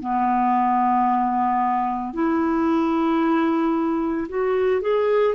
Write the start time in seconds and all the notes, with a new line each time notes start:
0.00 B3
2.13 E4
4.29 F#4
4.82 G#4